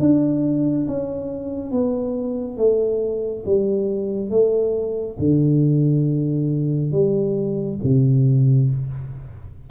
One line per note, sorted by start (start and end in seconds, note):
0.00 0.87 D4
0.88 1.72 C#4
1.72 2.57 B3
2.57 3.44 A3
3.45 4.30 G3
4.30 5.17 A3
5.19 6.92 D3
6.92 7.79 G3
7.83 8.70 C3